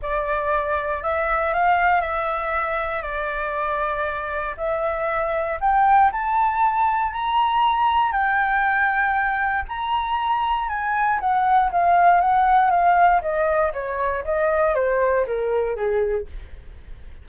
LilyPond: \new Staff \with { instrumentName = "flute" } { \time 4/4 \tempo 4 = 118 d''2 e''4 f''4 | e''2 d''2~ | d''4 e''2 g''4 | a''2 ais''2 |
g''2. ais''4~ | ais''4 gis''4 fis''4 f''4 | fis''4 f''4 dis''4 cis''4 | dis''4 c''4 ais'4 gis'4 | }